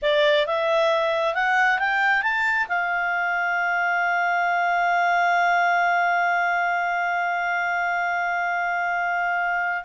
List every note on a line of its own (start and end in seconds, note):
0.02 0.46 D5
0.46 1.34 E5
1.34 1.78 F#5
1.78 2.22 G5
2.22 2.67 A5
2.68 9.84 F5